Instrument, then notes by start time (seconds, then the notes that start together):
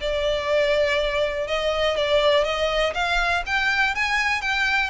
violin
0.00 D5
1.47 D#5
1.96 D5
2.44 D#5
2.94 F5
3.46 G5
3.95 G#5
4.41 G5